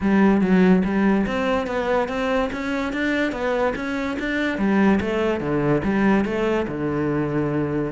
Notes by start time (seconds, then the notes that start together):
0.00 G3
0.41 F#3
0.84 G3
1.26 C4
1.66 B3
2.08 C4
2.52 C#4
2.92 D4
3.31 B3
3.75 C#4
4.19 D4
4.58 G3
5.00 A3
5.40 D3
5.83 G3
6.24 A3
6.67 D3